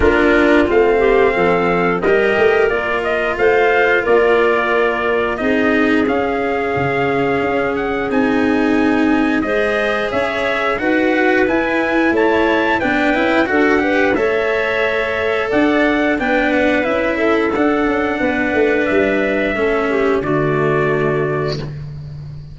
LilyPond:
<<
  \new Staff \with { instrumentName = "trumpet" } { \time 4/4 \tempo 4 = 89 ais'4 f''2 dis''4 | d''8 dis''8 f''4 d''2 | dis''4 f''2~ f''8 fis''8 | gis''2 dis''4 e''4 |
fis''4 gis''4 a''4 g''4 | fis''4 e''2 fis''4 | g''8 fis''8 e''4 fis''2 | e''2 d''2 | }
  \new Staff \with { instrumentName = "clarinet" } { \time 4/4 f'4. g'8 a'4 ais'4~ | ais'4 c''4 ais'2 | gis'1~ | gis'2 c''4 cis''4 |
b'2 cis''4 b'4 | a'8 b'8 cis''2 d''4 | b'4. a'4. b'4~ | b'4 a'8 g'8 fis'2 | }
  \new Staff \with { instrumentName = "cello" } { \time 4/4 d'4 c'2 g'4 | f'1 | dis'4 cis'2. | dis'2 gis'2 |
fis'4 e'2 d'8 e'8 | fis'8 g'8 a'2. | d'4 e'4 d'2~ | d'4 cis'4 a2 | }
  \new Staff \with { instrumentName = "tuba" } { \time 4/4 ais4 a4 f4 g8 a8 | ais4 a4 ais2 | c'4 cis'4 cis4 cis'4 | c'2 gis4 cis'4 |
dis'4 e'4 a4 b8 cis'8 | d'4 a2 d'4 | b4 cis'4 d'8 cis'8 b8 a8 | g4 a4 d2 | }
>>